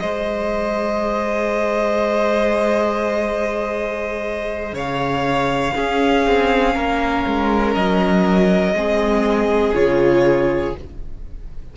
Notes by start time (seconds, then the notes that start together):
0.00 G#3 G#4 C5 D#5
4.72 C#3 C#5 F5
5.74 C#4 G#4
6.27 C4
6.74 A#3 A#4
7.26 G#3
7.74 F#3 D#5
8.74 G#3 C4 G#4
9.75 C#3 F4 C#5